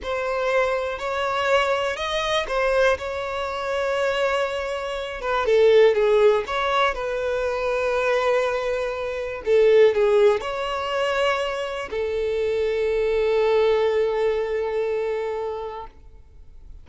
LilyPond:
\new Staff \with { instrumentName = "violin" } { \time 4/4 \tempo 4 = 121 c''2 cis''2 | dis''4 c''4 cis''2~ | cis''2~ cis''8 b'8 a'4 | gis'4 cis''4 b'2~ |
b'2. a'4 | gis'4 cis''2. | a'1~ | a'1 | }